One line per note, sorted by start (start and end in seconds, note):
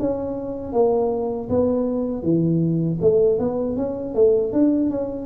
0.00 0.73 C#4
0.73 1.49 A#3
1.49 2.23 B3
2.23 2.99 E3
3.01 3.39 A3
3.39 3.77 B3
3.77 4.15 C#4
4.15 4.53 A3
4.53 4.91 D4
4.91 5.26 C#4